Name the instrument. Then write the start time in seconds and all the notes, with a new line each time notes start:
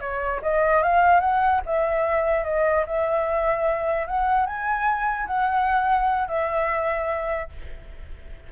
flute
0.00 C#5
0.42 D#5
0.83 F5
1.20 F#5
1.66 E5
2.44 D#5
2.86 E5
4.07 F#5
4.46 G#5
5.27 F#5
6.28 E5